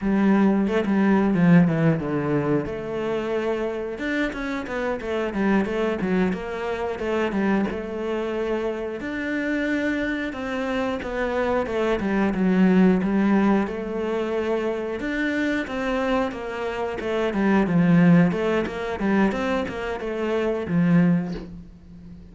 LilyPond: \new Staff \with { instrumentName = "cello" } { \time 4/4 \tempo 4 = 90 g4 a16 g8. f8 e8 d4 | a2 d'8 cis'8 b8 a8 | g8 a8 fis8 ais4 a8 g8 a8~ | a4. d'2 c'8~ |
c'8 b4 a8 g8 fis4 g8~ | g8 a2 d'4 c'8~ | c'8 ais4 a8 g8 f4 a8 | ais8 g8 c'8 ais8 a4 f4 | }